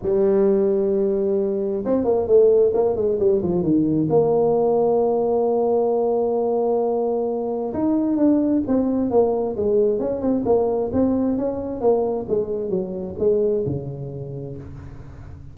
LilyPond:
\new Staff \with { instrumentName = "tuba" } { \time 4/4 \tempo 4 = 132 g1 | c'8 ais8 a4 ais8 gis8 g8 f8 | dis4 ais2.~ | ais1~ |
ais4 dis'4 d'4 c'4 | ais4 gis4 cis'8 c'8 ais4 | c'4 cis'4 ais4 gis4 | fis4 gis4 cis2 | }